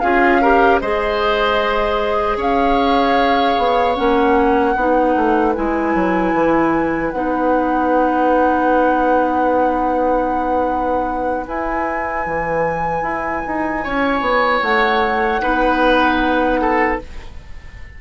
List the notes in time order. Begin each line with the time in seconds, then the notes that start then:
0.00 C#4 F4 G#4 F5
0.42 G4 A#4
0.80 G#3 G#4 C5 D#5
2.37 C#4 C#5 F5
3.58 B3
3.95 A#3 C#4 F#5
4.74 B3 D#4 B4
5.16 A3
5.55 G#3 E4 G#5
5.95 F#3
6.34 E3
7.12 B3 D#4 F#5
11.46 E4 G#5
12.26 E3
13.02 E4
13.47 D#4
13.84 C#4 C#5
14.21 B3
14.62 A3 F#5
15.41 B3 D#4 B4
16.62 A4